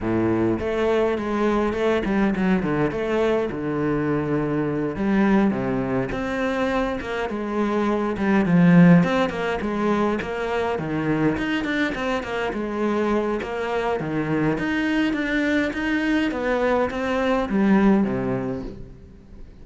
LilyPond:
\new Staff \with { instrumentName = "cello" } { \time 4/4 \tempo 4 = 103 a,4 a4 gis4 a8 g8 | fis8 d8 a4 d2~ | d8 g4 c4 c'4. | ais8 gis4. g8 f4 c'8 |
ais8 gis4 ais4 dis4 dis'8 | d'8 c'8 ais8 gis4. ais4 | dis4 dis'4 d'4 dis'4 | b4 c'4 g4 c4 | }